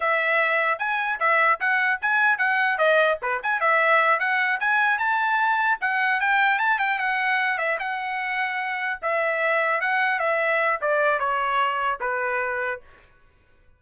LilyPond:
\new Staff \with { instrumentName = "trumpet" } { \time 4/4 \tempo 4 = 150 e''2 gis''4 e''4 | fis''4 gis''4 fis''4 dis''4 | b'8 gis''8 e''4. fis''4 gis''8~ | gis''8 a''2 fis''4 g''8~ |
g''8 a''8 g''8 fis''4. e''8 fis''8~ | fis''2~ fis''8 e''4.~ | e''8 fis''4 e''4. d''4 | cis''2 b'2 | }